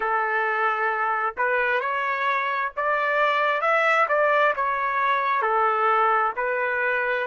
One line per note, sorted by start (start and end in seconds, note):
0.00 1.35 A4
1.37 1.80 B4
1.80 2.71 C#5
2.76 3.61 D5
3.61 4.07 E5
4.08 4.53 D5
4.55 5.41 C#5
5.41 6.32 A4
6.36 7.26 B4